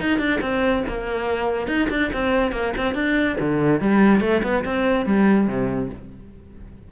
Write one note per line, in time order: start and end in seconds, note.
0.00 0.19 D#4
0.19 0.40 D4
0.41 0.83 C4
0.88 1.67 A#3
1.67 1.88 D#4
1.90 2.11 D4
2.13 2.52 C4
2.52 2.73 A#3
2.77 2.94 C4
2.94 3.37 D4
3.40 3.81 D3
3.81 4.21 G3
4.21 4.42 A3
4.43 4.64 B3
4.65 5.06 C4
5.06 5.48 G3
5.48 5.90 C3